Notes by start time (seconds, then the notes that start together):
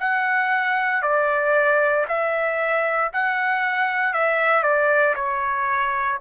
0.00 F#5
1.03 D5
2.08 E5
3.13 F#5
4.14 E5
4.63 D5
5.16 C#5